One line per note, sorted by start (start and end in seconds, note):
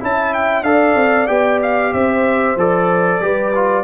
0.00 0.62 C#4
0.00 0.64 E4
0.00 0.64 E5
0.00 0.34 A5
0.34 0.63 G5
0.62 0.94 D4
0.62 1.27 A4
0.62 1.93 D5
0.62 1.27 F5
0.95 1.28 C4
1.27 1.93 B3
1.27 2.56 G4
1.27 1.59 G5
1.62 1.93 F5
1.93 2.56 C4
1.93 3.23 C5
1.93 2.57 E5
2.56 3.21 F3
2.56 3.21 A4
2.56 3.84 D5
3.21 3.84 G3
3.21 3.53 G4
3.21 3.84 B4
3.55 3.84 F4